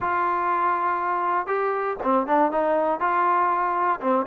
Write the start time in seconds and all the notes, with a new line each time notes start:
0.00 F4
1.46 G4
2.03 C4
2.26 D4
2.51 D#4
3.00 F4
4.00 C4